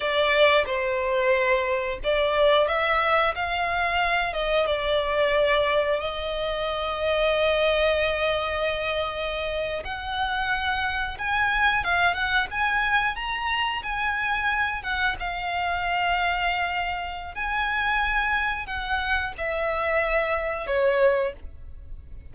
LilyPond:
\new Staff \with { instrumentName = "violin" } { \time 4/4 \tempo 4 = 90 d''4 c''2 d''4 | e''4 f''4. dis''8 d''4~ | d''4 dis''2.~ | dis''2~ dis''8. fis''4~ fis''16~ |
fis''8. gis''4 f''8 fis''8 gis''4 ais''16~ | ais''8. gis''4. fis''8 f''4~ f''16~ | f''2 gis''2 | fis''4 e''2 cis''4 | }